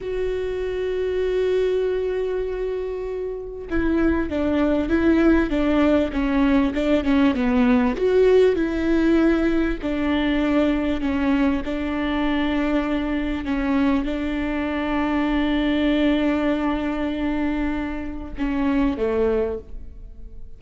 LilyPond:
\new Staff \with { instrumentName = "viola" } { \time 4/4 \tempo 4 = 98 fis'1~ | fis'2 e'4 d'4 | e'4 d'4 cis'4 d'8 cis'8 | b4 fis'4 e'2 |
d'2 cis'4 d'4~ | d'2 cis'4 d'4~ | d'1~ | d'2 cis'4 a4 | }